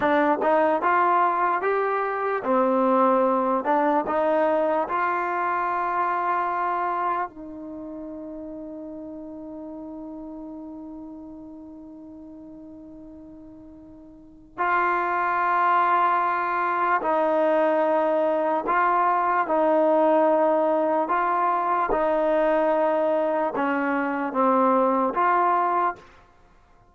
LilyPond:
\new Staff \with { instrumentName = "trombone" } { \time 4/4 \tempo 4 = 74 d'8 dis'8 f'4 g'4 c'4~ | c'8 d'8 dis'4 f'2~ | f'4 dis'2.~ | dis'1~ |
dis'2 f'2~ | f'4 dis'2 f'4 | dis'2 f'4 dis'4~ | dis'4 cis'4 c'4 f'4 | }